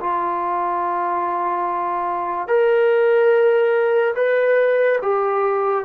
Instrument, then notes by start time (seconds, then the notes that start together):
trombone
0.00 F4
2.48 A#4
4.16 B4
5.02 G4